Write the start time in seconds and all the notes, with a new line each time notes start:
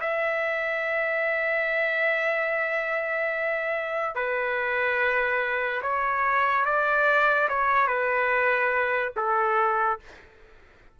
0.00 E5
4.15 B4
5.82 C#5
6.65 D5
7.49 C#5
7.87 B4
9.16 A4